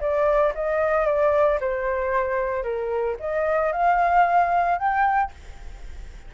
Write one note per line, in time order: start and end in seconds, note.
0.00 0.53 D5
0.55 1.05 D#5
1.05 1.59 D5
1.60 2.63 C5
2.63 3.16 A#4
3.20 3.72 D#5
3.72 4.78 F5
4.78 5.31 G5